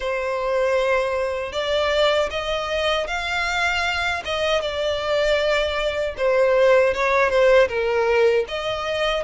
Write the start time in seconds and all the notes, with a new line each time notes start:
0.00 C5
1.52 D5
2.30 D#5
3.07 F5
4.24 D#5
4.61 D5
6.17 C5
6.94 C#5
7.29 C5
7.68 A#4
8.48 D#5